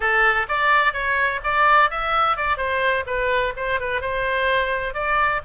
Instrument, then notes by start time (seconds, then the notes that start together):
oboe
0.00 A4
0.48 D5
0.93 C#5
1.43 D5
1.90 E5
2.36 D5
2.57 C5
3.06 B4
3.56 C5
3.79 B4
4.01 C5
4.94 D5